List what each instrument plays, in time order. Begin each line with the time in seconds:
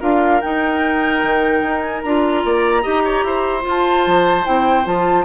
0.00 bassoon D4, clarinet F4, oboe A#4, flute F5
0.41 clarinet D#4, bassoon D#4, flute G5
1.23 bassoon D#3
1.62 bassoon D#4
1.81 flute G#5
2.02 bassoon D4, clarinet F4, flute A#5
2.44 bassoon A#3, oboe D5
2.82 bassoon D#4, clarinet G4, oboe D#5
3.04 oboe C#5
3.23 bassoon E4, oboe C5
3.61 clarinet F4, bassoon F4
3.70 flute A5
4.06 bassoon F3
4.44 bassoon C4, clarinet E4, flute G5
4.84 bassoon F3, clarinet F4, flute A5